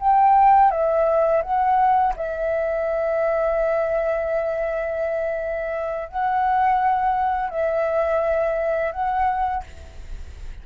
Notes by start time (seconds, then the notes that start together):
0.00 G5
0.71 E5
1.43 F#5
2.17 E5
6.09 F#5
7.50 E5
8.92 F#5